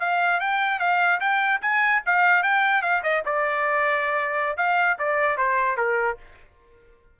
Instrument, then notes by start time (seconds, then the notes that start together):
trumpet
0.00 F5
0.40 G5
0.80 F5
1.20 G5
1.62 G#5
2.06 F5
2.43 G5
2.82 F5
3.03 D#5
3.26 D5
4.57 F5
4.99 D5
5.38 C5
5.77 A#4